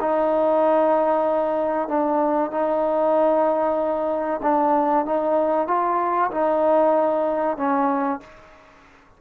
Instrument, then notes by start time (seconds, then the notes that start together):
trombone
0.00 D#4
1.88 D4
2.51 D#4
4.43 D4
5.06 D#4
5.68 F4
6.31 D#4
7.57 C#4